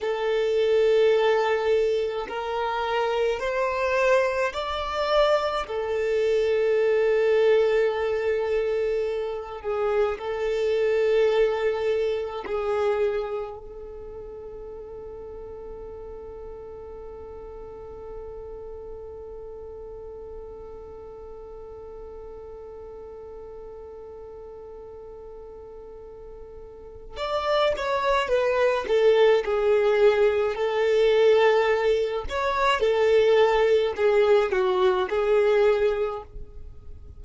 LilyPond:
\new Staff \with { instrumentName = "violin" } { \time 4/4 \tempo 4 = 53 a'2 ais'4 c''4 | d''4 a'2.~ | a'8 gis'8 a'2 gis'4 | a'1~ |
a'1~ | a'1 | d''8 cis''8 b'8 a'8 gis'4 a'4~ | a'8 cis''8 a'4 gis'8 fis'8 gis'4 | }